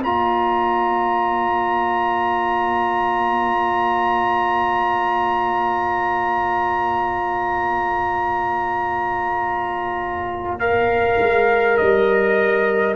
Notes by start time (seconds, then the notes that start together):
0.00 A#3 F4 C#5 A#5
10.59 A#4 F5
11.19 G#3
11.77 G3 D#5